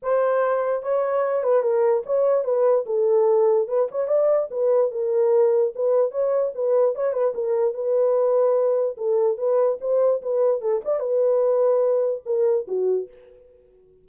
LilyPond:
\new Staff \with { instrumentName = "horn" } { \time 4/4 \tempo 4 = 147 c''2 cis''4. b'8 | ais'4 cis''4 b'4 a'4~ | a'4 b'8 cis''8 d''4 b'4 | ais'2 b'4 cis''4 |
b'4 cis''8 b'8 ais'4 b'4~ | b'2 a'4 b'4 | c''4 b'4 a'8 d''8 b'4~ | b'2 ais'4 fis'4 | }